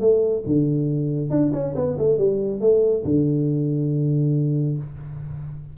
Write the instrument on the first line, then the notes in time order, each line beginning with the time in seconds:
tuba
0.00 A3
0.46 D3
1.30 D4
1.53 C#4
1.75 B3
1.98 A3
2.18 G3
2.61 A3
3.05 D3